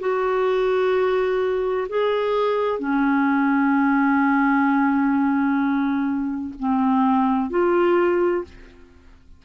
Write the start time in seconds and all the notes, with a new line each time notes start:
0.00 F#4
1.89 G#4
2.79 C#4
6.59 C4
7.50 F4